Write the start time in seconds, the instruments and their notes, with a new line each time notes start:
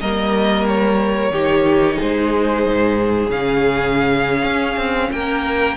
0.00 cello G3, viola A#3, violin A#4 D#5
0.67 violin C#5
1.30 cello D#3, viola D#4, violin G4
1.96 cello G#3, violin G#4 C5
2.66 cello G#2
3.29 cello C#3, viola C#4, violin F5
4.43 cello C#4
4.76 cello C4
5.11 cello A#3, violin A#4 G5